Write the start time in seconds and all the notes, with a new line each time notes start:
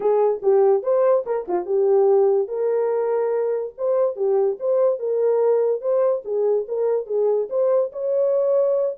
0.00 G#4
0.42 G4
0.82 C5
1.26 A#4
1.48 F4
1.65 G4
2.48 A#4
3.77 C5
4.16 G4
4.59 C5
4.99 A#4
5.81 C5
6.24 G#4
6.68 A#4
7.06 G#4
7.49 C5
7.92 C#5